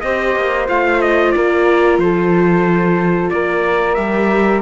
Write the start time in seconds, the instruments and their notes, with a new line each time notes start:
0.00 cello C4, viola G4, flute C5, trumpet D#5
0.35 cello A#3
0.67 cello A3, viola F4, trumpet F5
1.01 trumpet D#5
1.31 cello A#3, flute A#4, trumpet D5
1.98 cello F3, flute A4, trumpet C5
3.30 cello A#3, flute A#4, trumpet D5
3.94 cello G3, viola G4, trumpet E5